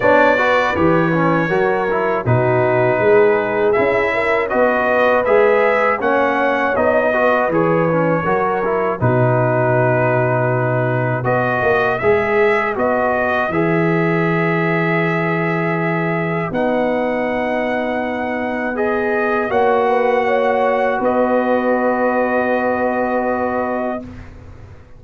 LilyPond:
<<
  \new Staff \with { instrumentName = "trumpet" } { \time 4/4 \tempo 4 = 80 d''4 cis''2 b'4~ | b'4 e''4 dis''4 e''4 | fis''4 dis''4 cis''2 | b'2. dis''4 |
e''4 dis''4 e''2~ | e''2 fis''2~ | fis''4 dis''4 fis''2 | dis''1 | }
  \new Staff \with { instrumentName = "horn" } { \time 4/4 cis''8 b'4. ais'4 fis'4 | gis'4. ais'8 b'2 | cis''4. b'4. ais'4 | fis'2. b'4~ |
b'1~ | b'1~ | b'2 cis''8 b'8 cis''4 | b'1 | }
  \new Staff \with { instrumentName = "trombone" } { \time 4/4 d'8 fis'8 g'8 cis'8 fis'8 e'8 dis'4~ | dis'4 e'4 fis'4 gis'4 | cis'4 dis'8 fis'8 gis'8 cis'8 fis'8 e'8 | dis'2. fis'4 |
gis'4 fis'4 gis'2~ | gis'2 dis'2~ | dis'4 gis'4 fis'2~ | fis'1 | }
  \new Staff \with { instrumentName = "tuba" } { \time 4/4 b4 e4 fis4 b,4 | gis4 cis'4 b4 gis4 | ais4 b4 e4 fis4 | b,2. b8 ais8 |
gis4 b4 e2~ | e2 b2~ | b2 ais2 | b1 | }
>>